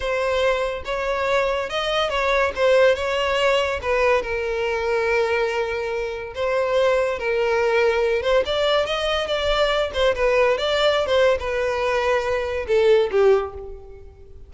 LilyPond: \new Staff \with { instrumentName = "violin" } { \time 4/4 \tempo 4 = 142 c''2 cis''2 | dis''4 cis''4 c''4 cis''4~ | cis''4 b'4 ais'2~ | ais'2. c''4~ |
c''4 ais'2~ ais'8 c''8 | d''4 dis''4 d''4. c''8 | b'4 d''4~ d''16 c''8. b'4~ | b'2 a'4 g'4 | }